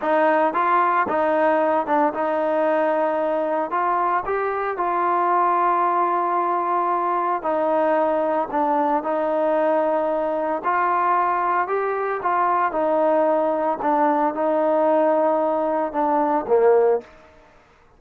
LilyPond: \new Staff \with { instrumentName = "trombone" } { \time 4/4 \tempo 4 = 113 dis'4 f'4 dis'4. d'8 | dis'2. f'4 | g'4 f'2.~ | f'2 dis'2 |
d'4 dis'2. | f'2 g'4 f'4 | dis'2 d'4 dis'4~ | dis'2 d'4 ais4 | }